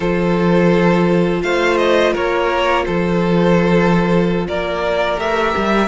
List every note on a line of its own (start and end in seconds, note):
0.00 1.43 F3
0.00 5.16 F4
0.00 1.42 A4
0.00 1.42 C5
1.42 2.14 A3
1.42 2.13 C5
1.42 1.77 F5
1.77 2.12 D#5
2.13 2.87 A#3
2.13 2.84 A#4
2.13 2.85 C#5
2.85 4.48 F3
2.85 4.47 A4
2.85 4.45 C5
4.47 5.17 A#3
4.47 5.87 A#4
4.47 5.19 D5
5.16 5.53 A3
5.16 5.87 G4
5.16 5.87 E5
5.56 5.87 G3